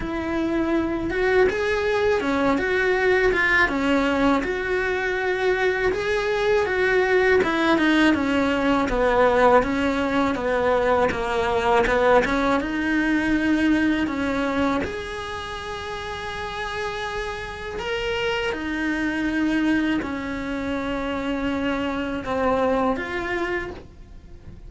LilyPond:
\new Staff \with { instrumentName = "cello" } { \time 4/4 \tempo 4 = 81 e'4. fis'8 gis'4 cis'8 fis'8~ | fis'8 f'8 cis'4 fis'2 | gis'4 fis'4 e'8 dis'8 cis'4 | b4 cis'4 b4 ais4 |
b8 cis'8 dis'2 cis'4 | gis'1 | ais'4 dis'2 cis'4~ | cis'2 c'4 f'4 | }